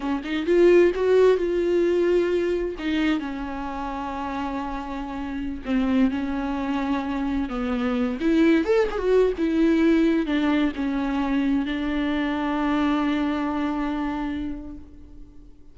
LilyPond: \new Staff \with { instrumentName = "viola" } { \time 4/4 \tempo 4 = 130 cis'8 dis'8 f'4 fis'4 f'4~ | f'2 dis'4 cis'4~ | cis'1~ | cis'16 c'4 cis'2~ cis'8.~ |
cis'16 b4. e'4 a'8 gis'16 fis'8~ | fis'16 e'2 d'4 cis'8.~ | cis'4~ cis'16 d'2~ d'8.~ | d'1 | }